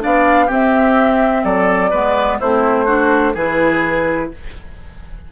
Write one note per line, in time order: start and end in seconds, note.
0.00 0.50 B3
0.00 0.48 D4
0.00 0.46 D5
0.00 0.51 F5
0.46 1.44 C4
0.46 1.93 C4
0.46 1.42 G4
0.53 1.45 E5
1.44 1.92 F#3
1.44 1.91 A4
1.44 2.40 D5
1.91 2.41 G#3
1.91 2.41 B3
1.91 2.38 B4
2.39 3.36 A3
2.39 2.87 C4
2.39 2.86 E4
2.39 3.36 C5
2.86 3.35 D4
2.86 3.34 F#4
3.35 4.31 E3
3.35 4.33 E4
3.35 4.30 G#4
3.35 4.32 B4